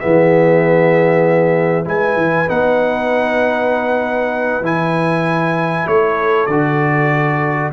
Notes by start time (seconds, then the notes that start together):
0.00 E3 B3 G#4 E5
1.85 G#3 E4 B4 G#5
2.16 E3
2.48 B3 D#4 F#5
4.61 E3 E4 G#5
5.87 A3 A4 C#5
6.46 D3 F#4 D5